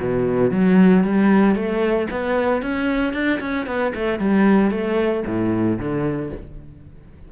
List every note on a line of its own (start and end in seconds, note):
0.00 0.51 B2
0.51 1.04 F#3
1.04 1.55 G3
1.55 2.08 A3
2.11 2.62 B3
2.62 3.13 C#4
3.13 3.40 D4
3.40 3.66 C#4
3.67 3.93 B3
3.95 4.19 A3
4.19 4.71 G3
4.71 5.24 A3
5.26 5.79 A2
5.79 6.32 D3